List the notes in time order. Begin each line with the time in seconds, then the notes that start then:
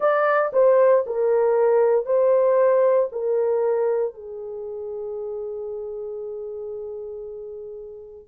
0.00 D5
0.53 C5
1.06 A#4
2.05 C5
3.12 A#4
4.14 G#4